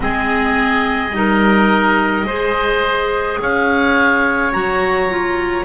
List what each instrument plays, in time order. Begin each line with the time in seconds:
0.00 double bass G#3, clarinet C4, oboe G#4 D#5
1.11 double bass G3, clarinet D#4, oboe A#4
2.24 double bass G#3, clarinet G#4, oboe C5
3.41 double bass C#4, oboe C#5 F5
4.52 double bass F#3, clarinet F#4, oboe A#5
5.09 clarinet F4